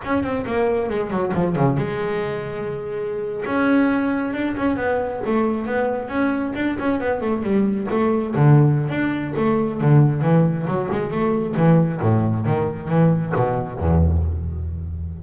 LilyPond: \new Staff \with { instrumentName = "double bass" } { \time 4/4 \tempo 4 = 135 cis'8 c'8 ais4 gis8 fis8 f8 cis8 | gis2.~ gis8. cis'16~ | cis'4.~ cis'16 d'8 cis'8 b4 a16~ | a8. b4 cis'4 d'8 cis'8 b16~ |
b16 a8 g4 a4 d4~ d16 | d'4 a4 d4 e4 | fis8 gis8 a4 e4 a,4 | dis4 e4 b,4 e,4 | }